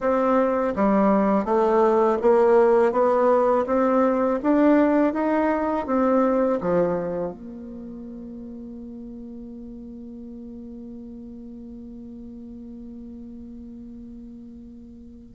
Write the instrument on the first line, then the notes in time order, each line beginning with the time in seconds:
bassoon
0.00 C4
0.75 G3
1.44 A3
2.22 A#3
2.92 B3
3.66 C4
4.42 D4
5.13 D#4
5.86 C4
6.60 F3
7.32 A#3